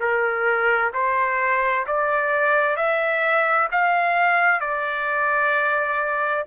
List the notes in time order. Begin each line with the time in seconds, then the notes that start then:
0.00 A#4
0.94 C5
1.87 D5
2.77 E5
3.72 F5
4.60 D5